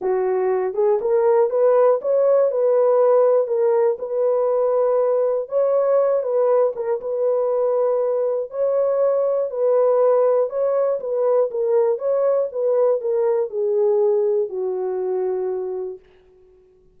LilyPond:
\new Staff \with { instrumentName = "horn" } { \time 4/4 \tempo 4 = 120 fis'4. gis'8 ais'4 b'4 | cis''4 b'2 ais'4 | b'2. cis''4~ | cis''8 b'4 ais'8 b'2~ |
b'4 cis''2 b'4~ | b'4 cis''4 b'4 ais'4 | cis''4 b'4 ais'4 gis'4~ | gis'4 fis'2. | }